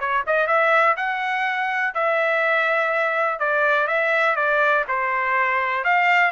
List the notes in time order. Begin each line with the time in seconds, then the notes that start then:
0.00 C#5
0.27 D#5
0.47 E5
0.97 F#5
1.94 E5
3.39 D5
3.88 E5
4.36 D5
4.88 C5
5.84 F5